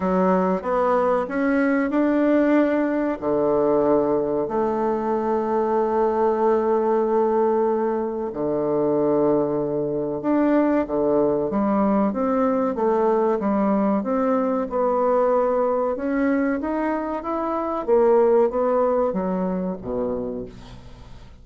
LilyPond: \new Staff \with { instrumentName = "bassoon" } { \time 4/4 \tempo 4 = 94 fis4 b4 cis'4 d'4~ | d'4 d2 a4~ | a1~ | a4 d2. |
d'4 d4 g4 c'4 | a4 g4 c'4 b4~ | b4 cis'4 dis'4 e'4 | ais4 b4 fis4 b,4 | }